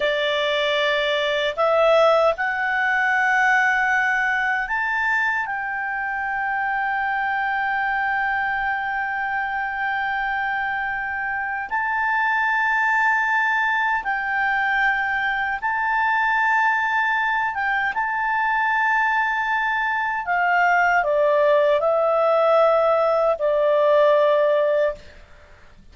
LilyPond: \new Staff \with { instrumentName = "clarinet" } { \time 4/4 \tempo 4 = 77 d''2 e''4 fis''4~ | fis''2 a''4 g''4~ | g''1~ | g''2. a''4~ |
a''2 g''2 | a''2~ a''8 g''8 a''4~ | a''2 f''4 d''4 | e''2 d''2 | }